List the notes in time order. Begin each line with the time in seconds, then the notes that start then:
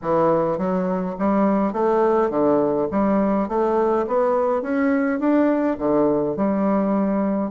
0.02 E3
0.58 F#3
1.18 G3
1.72 A3
2.30 D3
2.91 G3
3.48 A3
4.07 B3
4.62 C#4
5.19 D4
5.78 D3
6.36 G3